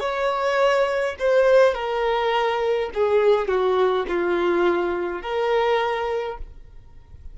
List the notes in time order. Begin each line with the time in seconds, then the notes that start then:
0.00 C#5
1.19 C5
1.75 A#4
2.94 G#4
3.48 F#4
4.08 F4
5.22 A#4